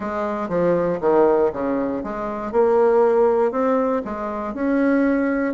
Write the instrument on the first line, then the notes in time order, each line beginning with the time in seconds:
bassoon
0.00 G#3
0.48 F3
1.00 D#3
1.52 C#3
2.03 G#3
2.52 A#3
3.51 C4
4.05 G#3
4.54 C#4